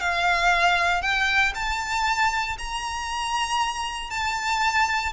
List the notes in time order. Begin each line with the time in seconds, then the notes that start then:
0.00 F5
1.01 G5
1.54 A5
2.58 A#5
4.10 A5